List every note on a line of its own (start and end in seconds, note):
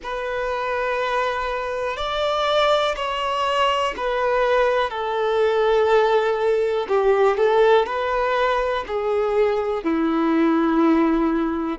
0.03 1.96 B4
1.96 2.95 D5
2.96 3.94 C#5
3.96 4.90 B4
4.90 6.86 A4
6.88 7.37 G4
7.37 7.86 A4
7.86 8.84 B4
8.87 9.83 G#4
9.83 11.79 E4